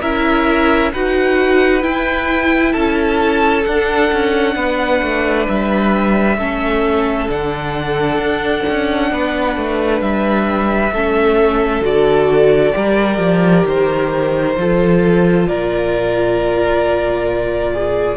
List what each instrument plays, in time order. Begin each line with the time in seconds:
0.00 cello C#4, viola E4, violin A#4 E5
0.92 cello D#4, viola F#4, violin B4 F#5
1.81 viola E4, cello E4, violin G5
2.72 cello C#4, violin A4 A5
3.64 viola D4, cello D4, violin F#5
4.12 cello C#4
4.55 cello B3, violin B4
5.01 cello A3
5.48 cello G3, violin E5
6.37 cello A3, viola C#4, violin A4
7.28 cello D3, viola D4, violin F#5
8.17 cello D4
8.69 cello C#4
9.11 cello B3, violin B4
9.56 cello A3
10.01 cello G3, violin E5
10.92 cello A3, viola C#4, violin A4
11.81 cello D3, viola F#4, violin D5
12.72 cello G3, viola G4, violin A#4
13.18 cello F3
13.65 cello D#3, violin C5
14.56 cello F3, viola F4, violin A4
15.47 cello A#2, violin A#4 D5
17.72 violin G#4